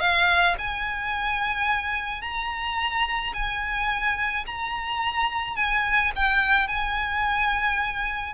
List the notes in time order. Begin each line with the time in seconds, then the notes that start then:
0.00 F5
0.59 G#5
2.22 A#5
3.34 G#5
4.47 A#5
5.56 G#5
6.16 G5
6.68 G#5